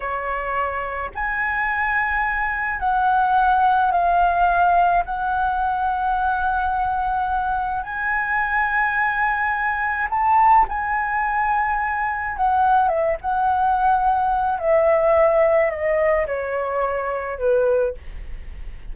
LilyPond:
\new Staff \with { instrumentName = "flute" } { \time 4/4 \tempo 4 = 107 cis''2 gis''2~ | gis''4 fis''2 f''4~ | f''4 fis''2.~ | fis''2 gis''2~ |
gis''2 a''4 gis''4~ | gis''2 fis''4 e''8 fis''8~ | fis''2 e''2 | dis''4 cis''2 b'4 | }